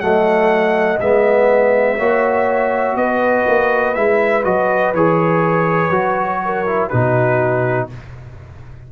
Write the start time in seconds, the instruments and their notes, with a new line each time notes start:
0.00 tuba F#3, trombone A3, horn D#5, trumpet F#5
1.00 tuba G#3, trombone B3, trumpet E5
1.98 tuba A#3, trombone F#4, horn C#5
2.96 tuba B3, horn B4, trumpet D#5
3.47 tuba A#3
3.94 tuba G#3, trombone E4, trumpet E5
4.44 tuba F#3, trombone F#4, trumpet D#5
4.93 tuba E3, trombone G#4, trumpet C#5
5.90 tuba F#3, trombone F#4
6.45 horn A#4
6.66 trombone E4
6.89 tuba B2, trombone D#4, horn F#4, trumpet B4